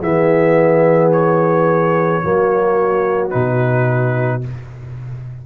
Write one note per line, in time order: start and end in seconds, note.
0.00 2.24 E3
0.00 2.22 B3
0.00 2.22 G#4
0.00 1.11 E5
1.11 3.30 C#5
2.22 3.34 F#3
2.22 3.30 A#3
2.22 4.46 F#4
3.30 4.45 B2
3.30 4.41 D#4
3.30 4.41 B4